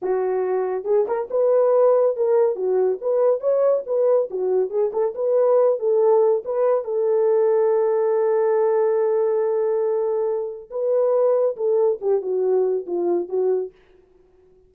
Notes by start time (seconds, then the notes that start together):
0.02 F#4
0.84 G#4
1.07 A#4
1.30 B4
2.16 A#4
2.55 F#4
3.01 B4
3.40 C#5
3.86 B4
4.30 F#4
4.69 G#4
4.92 A4
5.14 B4
5.79 A4
6.45 B4
6.84 A4
10.70 B4
11.56 A4
12.01 G4
12.21 F#4
12.86 F4
13.29 F#4